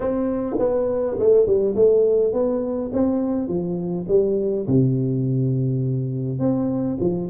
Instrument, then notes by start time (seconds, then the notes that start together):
tuba
0.00 C4
0.59 B3
1.19 A3
1.46 G3
1.75 A3
2.32 B3
2.93 C4
3.47 F3
4.08 G3
4.67 C3
6.39 C4
7.00 F3